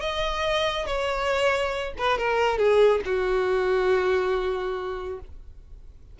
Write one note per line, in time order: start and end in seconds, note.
0.00 0.86 D#5
0.86 1.93 C#5
1.98 2.18 B4
2.18 2.58 A#4
2.58 3.00 G#4
3.05 5.19 F#4